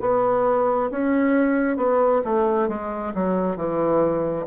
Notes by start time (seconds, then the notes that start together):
0.00 B3
0.90 C#4
1.76 B3
2.24 A3
2.68 G#3
3.14 F#3
3.56 E3